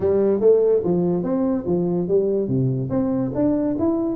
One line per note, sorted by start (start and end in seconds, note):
0.00 0.40 G3
0.40 0.82 A3
0.84 1.23 F3
1.23 1.65 C4
1.66 2.08 F3
2.08 2.48 G3
2.48 2.89 C3
2.90 3.31 C4
3.34 3.76 D4
3.78 4.15 E4